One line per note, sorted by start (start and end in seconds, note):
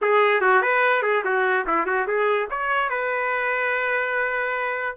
0.01 0.41 G#4
0.41 0.62 F#4
0.62 1.02 B4
1.02 1.23 G#4
1.24 1.66 F#4
1.67 1.86 E4
1.86 2.07 F#4
2.07 2.48 G#4
2.50 2.89 C#5
2.89 4.96 B4